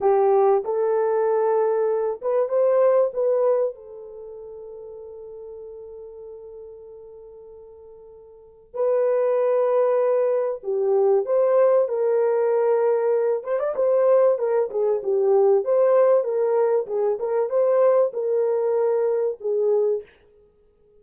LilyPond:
\new Staff \with { instrumentName = "horn" } { \time 4/4 \tempo 4 = 96 g'4 a'2~ a'8 b'8 | c''4 b'4 a'2~ | a'1~ | a'2 b'2~ |
b'4 g'4 c''4 ais'4~ | ais'4. c''16 d''16 c''4 ais'8 gis'8 | g'4 c''4 ais'4 gis'8 ais'8 | c''4 ais'2 gis'4 | }